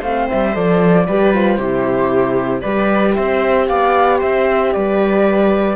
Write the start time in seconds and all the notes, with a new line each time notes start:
0.00 A3 C4 C5 F5
0.30 G3 E5
0.53 F3 A4 D5
1.06 G3 G4 B4
1.33 F4 C5
1.57 C3 E4 G4
2.61 G3 G4 B4 D5
3.14 C4 C5 E5
3.67 B3 D5 F5
4.18 C4 C5 E5
4.72 G3 B4 D5